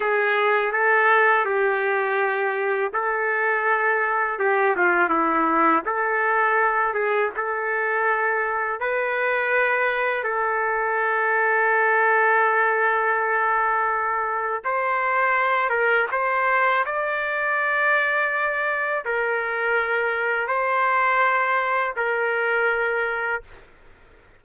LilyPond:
\new Staff \with { instrumentName = "trumpet" } { \time 4/4 \tempo 4 = 82 gis'4 a'4 g'2 | a'2 g'8 f'8 e'4 | a'4. gis'8 a'2 | b'2 a'2~ |
a'1 | c''4. ais'8 c''4 d''4~ | d''2 ais'2 | c''2 ais'2 | }